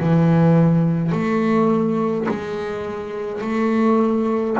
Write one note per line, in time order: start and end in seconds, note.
0.00 1.12 E3
1.12 2.27 A3
2.29 3.41 G#3
3.41 4.57 A3